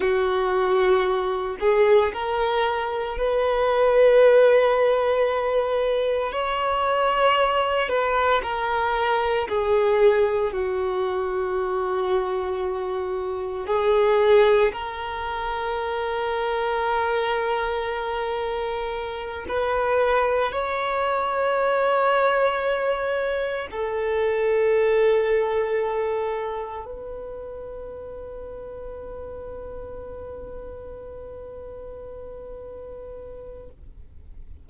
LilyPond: \new Staff \with { instrumentName = "violin" } { \time 4/4 \tempo 4 = 57 fis'4. gis'8 ais'4 b'4~ | b'2 cis''4. b'8 | ais'4 gis'4 fis'2~ | fis'4 gis'4 ais'2~ |
ais'2~ ais'8 b'4 cis''8~ | cis''2~ cis''8 a'4.~ | a'4. b'2~ b'8~ | b'1 | }